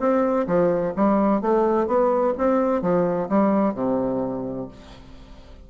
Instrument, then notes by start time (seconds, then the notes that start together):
bassoon
0.00 C4
0.47 F3
0.96 G3
1.42 A3
1.87 B3
2.38 C4
2.82 F3
3.29 G3
3.75 C3